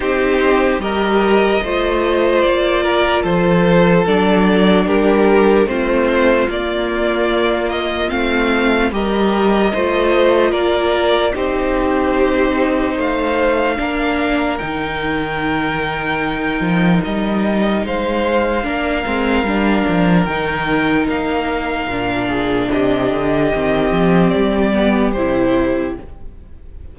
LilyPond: <<
  \new Staff \with { instrumentName = "violin" } { \time 4/4 \tempo 4 = 74 c''4 dis''2 d''4 | c''4 d''4 ais'4 c''4 | d''4. dis''8 f''4 dis''4~ | dis''4 d''4 c''2 |
f''2 g''2~ | g''4 dis''4 f''2~ | f''4 g''4 f''2 | dis''2 d''4 c''4 | }
  \new Staff \with { instrumentName = "violin" } { \time 4/4 g'4 ais'4 c''4. ais'8 | a'2 g'4 f'4~ | f'2. ais'4 | c''4 ais'4 g'2 |
c''4 ais'2.~ | ais'2 c''4 ais'4~ | ais'2.~ ais'8 gis'8 | g'1 | }
  \new Staff \with { instrumentName = "viola" } { \time 4/4 dis'4 g'4 f'2~ | f'4 d'2 c'4 | ais2 c'4 g'4 | f'2 dis'2~ |
dis'4 d'4 dis'2~ | dis'2. d'8 c'8 | d'4 dis'2 d'4~ | d'4 c'4. b8 e'4 | }
  \new Staff \with { instrumentName = "cello" } { \time 4/4 c'4 g4 a4 ais4 | f4 fis4 g4 a4 | ais2 a4 g4 | a4 ais4 c'2 |
a4 ais4 dis2~ | dis8 f8 g4 gis4 ais8 gis8 | g8 f8 dis4 ais4 ais,4 | c8 d8 dis8 f8 g4 c4 | }
>>